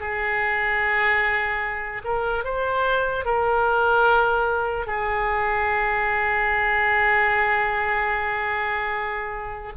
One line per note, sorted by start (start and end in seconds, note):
0.00 2.03 G#4
2.04 2.44 A#4
2.44 3.25 C5
3.25 4.87 A#4
4.87 9.73 G#4